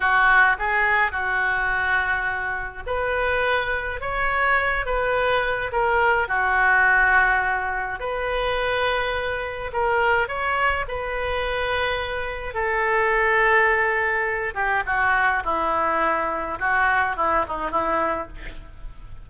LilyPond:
\new Staff \with { instrumentName = "oboe" } { \time 4/4 \tempo 4 = 105 fis'4 gis'4 fis'2~ | fis'4 b'2 cis''4~ | cis''8 b'4. ais'4 fis'4~ | fis'2 b'2~ |
b'4 ais'4 cis''4 b'4~ | b'2 a'2~ | a'4. g'8 fis'4 e'4~ | e'4 fis'4 e'8 dis'8 e'4 | }